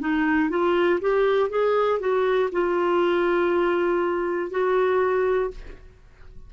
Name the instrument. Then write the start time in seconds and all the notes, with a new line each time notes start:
clarinet
0.00 D#4
0.50 F4
1.00 G4
1.49 G#4
2.00 F#4
2.52 F4
4.50 F#4